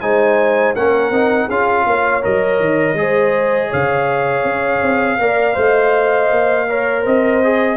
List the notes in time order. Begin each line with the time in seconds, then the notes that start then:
0.00 G#3 D#4 C5 G#5
0.75 A#3 C#4 A#4 F#5
1.10 C4 D#4
1.46 C#4 F4 G#4 F5
1.86 A#3 C#5
2.22 F#3 A#4 D#5
2.60 D#3
2.93 G#3 G#4
2.99 C5
3.68 C#3 C#5 F5
4.44 C#4
4.81 C4
5.18 A#3 A#4 D5
5.54 A3 C5 D#5
6.30 A#3
6.69 A#4 C#5
7.02 C4 C5 D#5
7.43 G#4